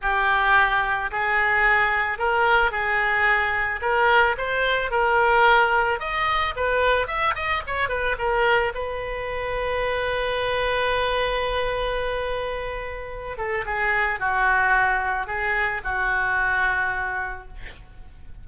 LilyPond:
\new Staff \with { instrumentName = "oboe" } { \time 4/4 \tempo 4 = 110 g'2 gis'2 | ais'4 gis'2 ais'4 | c''4 ais'2 dis''4 | b'4 e''8 dis''8 cis''8 b'8 ais'4 |
b'1~ | b'1~ | b'8 a'8 gis'4 fis'2 | gis'4 fis'2. | }